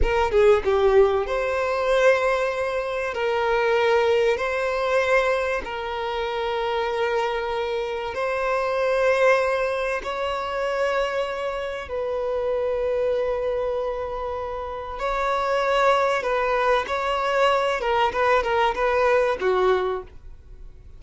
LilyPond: \new Staff \with { instrumentName = "violin" } { \time 4/4 \tempo 4 = 96 ais'8 gis'8 g'4 c''2~ | c''4 ais'2 c''4~ | c''4 ais'2.~ | ais'4 c''2. |
cis''2. b'4~ | b'1 | cis''2 b'4 cis''4~ | cis''8 ais'8 b'8 ais'8 b'4 fis'4 | }